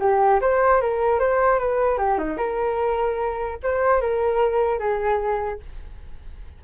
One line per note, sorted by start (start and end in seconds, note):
0.00 0.40 G4
0.41 0.81 C5
0.81 1.20 A#4
1.20 1.59 C5
1.59 1.98 B4
1.98 2.18 G4
2.18 2.38 D#4
2.38 3.58 A#4
3.63 4.01 C5
4.01 4.79 A#4
4.79 5.59 G#4